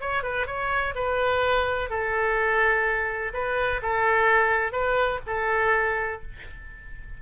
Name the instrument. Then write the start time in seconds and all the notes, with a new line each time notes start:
oboe
0.00 C#5
0.23 B4
0.46 C#5
0.94 B4
1.89 A4
3.33 B4
3.82 A4
4.72 B4
5.26 A4